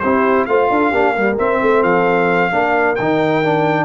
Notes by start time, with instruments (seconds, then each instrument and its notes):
0.00 tuba C4, trombone E4, horn G4, trumpet C5
0.46 tuba A3, trombone F4, horn C5, trumpet F5
0.69 tuba D4, horn A4
0.91 tuba A#3, trombone D4, horn G4
1.16 trombone G3, horn A#4
1.38 trombone C4, tuba C4, trumpet E5
1.61 tuba A3, horn A4
1.83 tuba F3, trumpet F5
2.51 tuba A#3, trombone D4, horn A#4
2.96 tuba D#3, trombone D#4, trumpet G5
3.44 trombone D4